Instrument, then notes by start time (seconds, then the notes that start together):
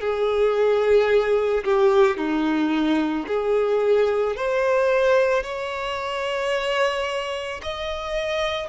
violin
0.00 G#4
1.64 G4
2.17 D#4
3.27 G#4
4.36 C5
5.43 C#5
7.62 D#5